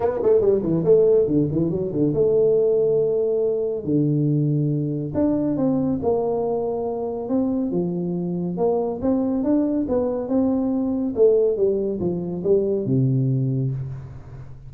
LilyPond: \new Staff \with { instrumentName = "tuba" } { \time 4/4 \tempo 4 = 140 b8 a8 g8 e8 a4 d8 e8 | fis8 d8 a2.~ | a4 d2. | d'4 c'4 ais2~ |
ais4 c'4 f2 | ais4 c'4 d'4 b4 | c'2 a4 g4 | f4 g4 c2 | }